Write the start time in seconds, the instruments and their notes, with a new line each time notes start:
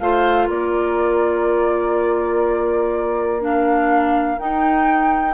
0.00 bassoon A3, clarinet F4, oboe C5, flute F5
0.48 bassoon A#3, oboe A#4, flute D5
3.41 clarinet D4, flute F5
4.39 clarinet D#4, bassoon D#4, flute G5